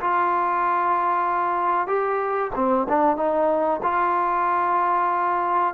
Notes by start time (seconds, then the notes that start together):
0.00 F4
1.87 G4
2.55 C4
2.89 D4
3.16 D#4
3.82 F4